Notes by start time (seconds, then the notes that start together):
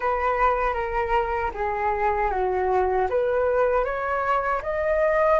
0.00 B4
0.73 A#4
1.53 G#4
2.30 F#4
3.09 B4
3.84 C#5
4.62 D#5